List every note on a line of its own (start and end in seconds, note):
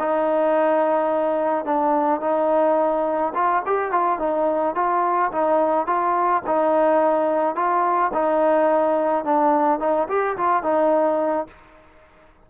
0.00 1.66 D#4
1.66 2.21 D4
2.21 3.33 D#4
3.35 3.63 F4
3.66 3.92 G4
3.92 4.19 F4
4.19 4.75 D#4
4.76 5.32 F4
5.32 5.87 D#4
5.87 6.43 F4
6.47 7.56 D#4
7.56 8.12 F4
8.14 9.25 D#4
9.25 9.80 D4
9.80 10.08 D#4
10.09 10.37 G4
10.37 10.63 F4
10.63 11.47 D#4